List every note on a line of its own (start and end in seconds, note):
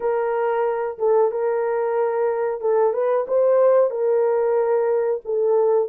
0.00 0.98 A#4
0.98 1.31 A4
1.31 2.61 A#4
2.61 2.93 A4
2.93 3.25 B4
3.27 3.90 C5
3.90 5.21 A#4
5.24 5.89 A4